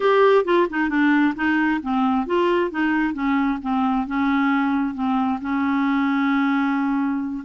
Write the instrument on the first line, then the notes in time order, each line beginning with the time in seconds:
clarinet
0.00 G4
0.44 F4
0.70 D#4
0.89 D4
1.35 D#4
1.82 C4
2.26 F4
2.71 D#4
3.13 C#4
3.62 C4
4.06 C#4
4.94 C4
5.41 C#4